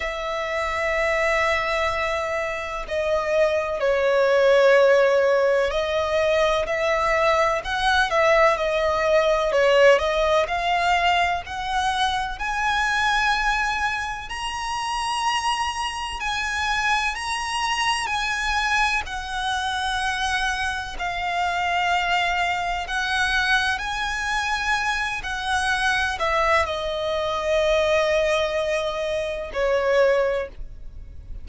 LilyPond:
\new Staff \with { instrumentName = "violin" } { \time 4/4 \tempo 4 = 63 e''2. dis''4 | cis''2 dis''4 e''4 | fis''8 e''8 dis''4 cis''8 dis''8 f''4 | fis''4 gis''2 ais''4~ |
ais''4 gis''4 ais''4 gis''4 | fis''2 f''2 | fis''4 gis''4. fis''4 e''8 | dis''2. cis''4 | }